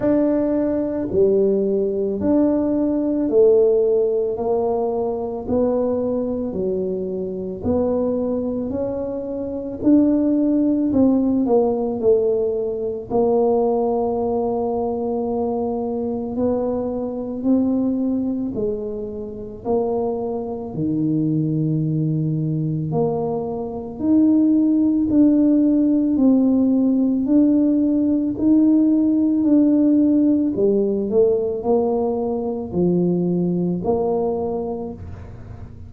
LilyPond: \new Staff \with { instrumentName = "tuba" } { \time 4/4 \tempo 4 = 55 d'4 g4 d'4 a4 | ais4 b4 fis4 b4 | cis'4 d'4 c'8 ais8 a4 | ais2. b4 |
c'4 gis4 ais4 dis4~ | dis4 ais4 dis'4 d'4 | c'4 d'4 dis'4 d'4 | g8 a8 ais4 f4 ais4 | }